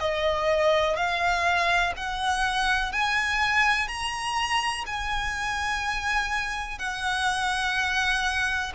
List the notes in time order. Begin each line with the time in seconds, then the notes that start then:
0.00 D#5
0.97 F5
1.97 F#5
2.93 G#5
3.88 A#5
4.87 G#5
6.79 F#5